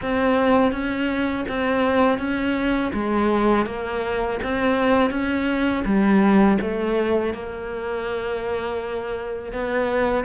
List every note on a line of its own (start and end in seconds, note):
0.02 0.72 C4
0.72 1.45 C#4
1.48 2.18 C4
2.18 2.91 C#4
2.93 3.66 G#3
3.66 4.39 A#3
4.43 5.10 C4
5.10 5.83 C#4
5.85 6.58 G3
6.61 7.33 A3
7.33 9.52 A#3
9.52 10.24 B3